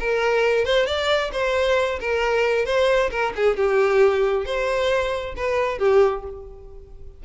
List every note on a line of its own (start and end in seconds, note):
0.00 0.65 A#4
0.65 0.86 C5
0.86 1.31 D5
1.32 1.99 C5
2.00 2.66 A#4
2.66 3.10 C5
3.11 3.33 A#4
3.36 3.57 G#4
3.57 4.45 G4
4.45 5.35 C5
5.36 5.79 B4
5.79 6.24 G4